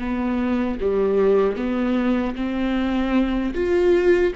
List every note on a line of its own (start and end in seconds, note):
0.00 0.79 B3
0.81 1.56 G3
1.56 2.35 B3
2.36 3.55 C4
3.55 4.34 F4